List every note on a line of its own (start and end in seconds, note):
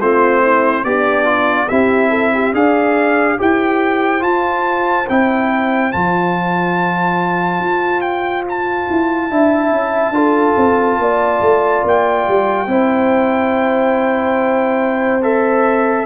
0.00 0.84 A3
0.00 0.85 C4
0.00 0.42 F4
0.00 0.84 C5
0.42 0.84 E4
0.84 1.69 B3
0.84 1.69 D4
0.84 1.25 G4
0.84 1.69 D5
1.25 1.67 F4
1.69 2.54 C4
1.69 2.54 E4
1.69 2.10 G4
1.69 2.53 E5
2.10 2.31 A4
2.34 2.55 G4
2.54 3.38 D4
2.54 3.37 G#4
2.54 3.38 D5
2.54 3.39 F5
3.37 4.23 E4
3.37 4.20 G4
3.37 9.29 C5
3.37 4.23 G5
4.20 5.04 F4
4.20 5.08 F4
4.20 5.08 A5
5.09 5.94 C4
5.09 5.93 E4
5.09 5.92 G5
5.92 7.60 F3
5.92 9.30 F4
5.92 8.01 A5
7.60 8.87 F4
8.01 8.43 G5
8.49 11.87 A5
8.90 9.31 E4
9.30 9.71 D4
9.30 10.14 E4
9.30 10.14 E5
9.71 10.10 C#4
10.10 10.53 D4
10.10 12.67 F4
10.10 10.99 A4
10.57 10.98 C4
10.98 11.41 A#3
10.98 12.68 D5
11.41 11.83 A3
11.84 12.26 A#3
11.84 15.23 G5
12.28 12.67 G3
12.67 16.05 C4
12.67 15.21 E4
12.67 16.06 C5
15.22 16.06 A4
15.22 16.06 E5